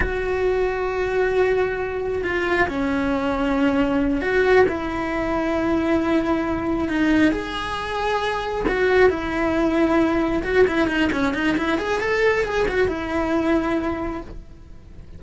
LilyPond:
\new Staff \with { instrumentName = "cello" } { \time 4/4 \tempo 4 = 135 fis'1~ | fis'4 f'4 cis'2~ | cis'4. fis'4 e'4.~ | e'2.~ e'8 dis'8~ |
dis'8 gis'2. fis'8~ | fis'8 e'2. fis'8 | e'8 dis'8 cis'8 dis'8 e'8 gis'8 a'4 | gis'8 fis'8 e'2. | }